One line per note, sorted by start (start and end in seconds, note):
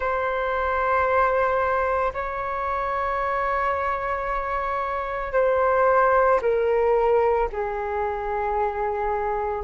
0.00 2.12 C5
2.13 5.33 C#5
5.33 6.40 C5
6.41 7.48 A#4
7.52 9.64 G#4